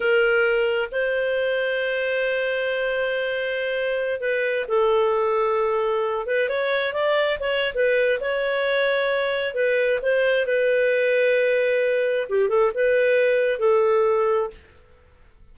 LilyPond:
\new Staff \with { instrumentName = "clarinet" } { \time 4/4 \tempo 4 = 132 ais'2 c''2~ | c''1~ | c''4~ c''16 b'4 a'4.~ a'16~ | a'4.~ a'16 b'8 cis''4 d''8.~ |
d''16 cis''8. b'4 cis''2~ | cis''4 b'4 c''4 b'4~ | b'2. g'8 a'8 | b'2 a'2 | }